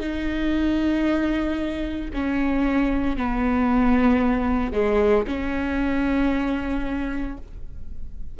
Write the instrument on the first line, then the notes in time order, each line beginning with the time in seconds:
viola
0.00 D#4
2.13 C#4
3.17 B3
4.73 G#3
5.27 C#4